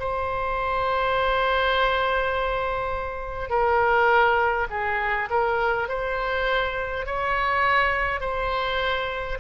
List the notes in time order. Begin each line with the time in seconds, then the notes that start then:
0.00 C5
3.50 A#4
4.71 G#4
5.30 A#4
5.89 C5
7.06 C#5
8.21 C5